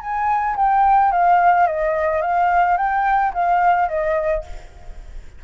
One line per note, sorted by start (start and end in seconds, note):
0.00 0.56 G#5
0.56 1.12 G5
1.12 1.67 F5
1.67 2.22 D#5
2.22 2.78 F5
2.78 3.33 G5
3.34 3.89 F5
3.89 4.44 D#5